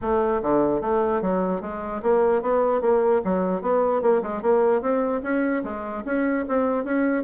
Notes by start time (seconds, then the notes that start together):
0.01 A3
0.42 D3
0.81 A3
1.21 F#3
1.61 G#3
2.02 A#3
2.42 B3
2.81 A#3
3.24 F#3
3.61 B3
4.01 A#3
4.22 G#3
4.41 A#3
4.81 C4
5.22 C#4
5.63 G#3
6.05 C#4
6.48 C4
6.84 C#4